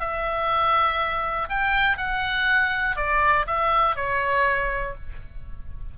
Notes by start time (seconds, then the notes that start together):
0.00 E5
1.49 G5
1.97 F#5
2.96 D5
3.47 E5
3.96 C#5